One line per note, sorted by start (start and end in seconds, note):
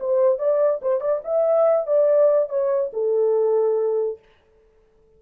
0.00 0.39 C5
0.39 0.81 D5
0.82 1.01 C5
1.01 1.22 D5
1.25 1.87 E5
1.87 2.49 D5
2.49 2.91 C#5
2.94 4.19 A4